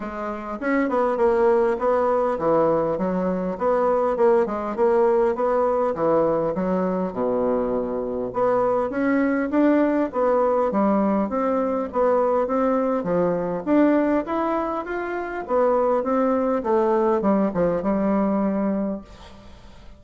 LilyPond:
\new Staff \with { instrumentName = "bassoon" } { \time 4/4 \tempo 4 = 101 gis4 cis'8 b8 ais4 b4 | e4 fis4 b4 ais8 gis8 | ais4 b4 e4 fis4 | b,2 b4 cis'4 |
d'4 b4 g4 c'4 | b4 c'4 f4 d'4 | e'4 f'4 b4 c'4 | a4 g8 f8 g2 | }